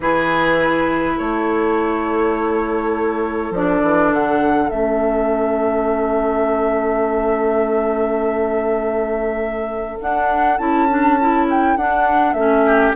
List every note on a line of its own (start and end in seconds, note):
0.00 1.18 E3
0.00 3.54 E4
0.00 1.16 G#4
0.00 1.18 B4
1.16 3.50 A3
1.16 12.63 A4
1.16 3.53 C#5
3.50 3.80 F3
3.50 4.69 D4
3.50 4.13 D5
3.81 4.11 E3
4.11 4.70 D3
4.11 4.69 F#5
4.69 9.99 A3
4.69 9.99 C#4
4.69 9.99 E5
10.00 10.58 D4
10.00 10.59 D4
10.00 10.58 F#5
10.58 11.76 C#4
10.58 10.87 E4
10.58 11.46 A5
10.89 11.19 D4
11.19 11.78 E4
11.50 11.76 G5
11.76 12.33 D4
11.76 12.36 D4
11.76 12.33 F#5
12.33 12.92 A3
12.33 12.95 C#4
12.33 12.92 E5
12.66 12.95 G4